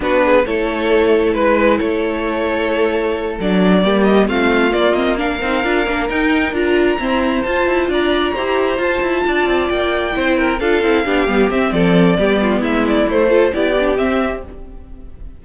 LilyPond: <<
  \new Staff \with { instrumentName = "violin" } { \time 4/4 \tempo 4 = 133 b'4 cis''2 b'4 | cis''2.~ cis''8 d''8~ | d''4 dis''8 f''4 d''8 dis''8 f''8~ | f''4. g''4 ais''4.~ |
ais''8 a''4 ais''2 a''8~ | a''4. g''2 f''8~ | f''4. e''8 d''2 | e''8 d''8 c''4 d''4 e''4 | }
  \new Staff \with { instrumentName = "violin" } { \time 4/4 fis'8 gis'8 a'2 b'4 | a'1~ | a'8 g'4 f'2 ais'8~ | ais'2.~ ais'8 c''8~ |
c''4. d''4 c''4.~ | c''8 d''2 c''8 ais'8 a'8~ | a'8 g'4. a'4 g'8 f'8 | e'4. a'8 g'2 | }
  \new Staff \with { instrumentName = "viola" } { \time 4/4 d'4 e'2.~ | e'2.~ e'8 d'8~ | d'8 ais4 c'4 ais8 c'8 d'8 | dis'8 f'8 d'8 dis'4 f'4 c'8~ |
c'8 f'2 g'4 f'8~ | f'2~ f'8 e'4 f'8 | e'8 d'8 b8 c'4. b4~ | b4 a8 f'8 e'8 d'8 c'4 | }
  \new Staff \with { instrumentName = "cello" } { \time 4/4 b4 a2 gis4 | a2.~ a8 fis8~ | fis8 g4 a4 ais4. | c'8 d'8 ais8 dis'4 d'4 e'8~ |
e'8 f'8 e'8 d'4 e'4 f'8 | e'8 d'8 c'8 ais4 c'4 d'8 | c'8 b8 g8 c'8 f4 g4 | gis4 a4 b4 c'4 | }
>>